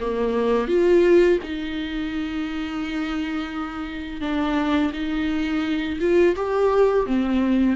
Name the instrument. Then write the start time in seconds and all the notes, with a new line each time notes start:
viola
0.00 A#3
0.68 F4
1.42 D#4
4.21 D4
4.93 D#4
6.00 F4
6.35 G4
7.06 C4